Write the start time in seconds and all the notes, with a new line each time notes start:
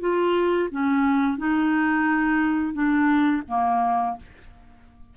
0.00 F4
0.71 C#4
1.38 D#4
2.73 D4
3.48 A#3